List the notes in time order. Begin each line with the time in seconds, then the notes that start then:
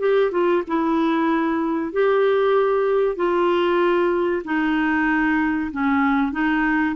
0.00 G4
0.32 F4
0.68 E4
1.93 G4
3.16 F4
4.45 D#4
5.72 C#4
6.32 D#4